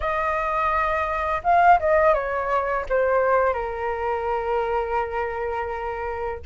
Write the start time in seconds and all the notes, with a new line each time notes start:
0.00 D#5
1.43 F5
1.79 D#5
2.14 C#5
2.89 C5
3.53 A#4